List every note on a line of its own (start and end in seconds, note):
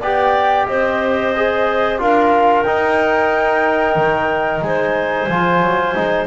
0.00 0.68 B3
0.00 1.35 G4
0.00 0.66 D5
0.00 0.67 G5
0.67 2.00 C4
0.67 2.01 C5
0.67 1.99 D#5
1.36 1.99 G#4
1.99 2.66 D4
1.99 2.65 F4
1.99 4.65 A#4
1.99 2.63 F5
2.63 5.30 D#4
2.63 3.96 D#4
2.63 4.60 G5
3.96 4.62 D#3
4.62 5.28 G#3
4.62 6.27 C5
4.62 6.27 G#5
5.29 5.62 F3
5.29 5.95 F4
5.62 5.95 F#3
5.95 6.27 G#3
5.95 6.27 D#4